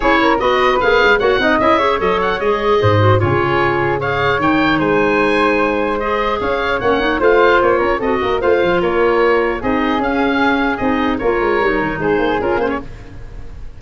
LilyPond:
<<
  \new Staff \with { instrumentName = "oboe" } { \time 4/4 \tempo 4 = 150 cis''4 dis''4 f''4 fis''4 | e''4 dis''8 fis''8 dis''2 | cis''2 f''4 g''4 | gis''2. dis''4 |
f''4 fis''4 f''4 cis''4 | dis''4 f''4 cis''2 | dis''4 f''2 dis''4 | cis''2 c''4 ais'8 c''16 cis''16 | }
  \new Staff \with { instrumentName = "flute" } { \time 4/4 gis'8 ais'8 b'2 cis''8 dis''8~ | dis''8 cis''2~ cis''8 c''4 | gis'2 cis''2 | c''1 |
cis''2 c''4. ais'8 | a'8 ais'8 c''4 ais'2 | gis'1 | ais'2 gis'2 | }
  \new Staff \with { instrumentName = "clarinet" } { \time 4/4 e'4 fis'4 gis'4 fis'8 dis'8 | e'8 gis'8 a'4 gis'4. fis'8 | f'2 gis'4 dis'4~ | dis'2. gis'4~ |
gis'4 cis'8 dis'8 f'2 | fis'4 f'2. | dis'4 cis'2 dis'4 | f'4 dis'2 f'8 cis'8 | }
  \new Staff \with { instrumentName = "tuba" } { \time 4/4 cis'4 b4 ais8 gis8 ais8 c'8 | cis'4 fis4 gis4 gis,4 | cis2. dis4 | gis1 |
cis'4 ais4 a4 ais8 cis'8 | c'8 ais8 a8 f8 ais2 | c'4 cis'2 c'4 | ais8 gis8 g8 dis8 gis8 ais8 cis'8 ais8 | }
>>